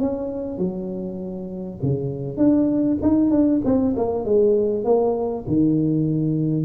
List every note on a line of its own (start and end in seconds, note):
0.00 0.58 C#4
0.58 1.79 F#3
1.83 2.37 C#3
2.37 2.98 D4
3.02 3.31 D#4
3.31 3.61 D4
3.65 3.95 C4
3.96 4.25 A#3
4.25 4.85 G#3
4.85 5.45 A#3
5.47 6.66 D#3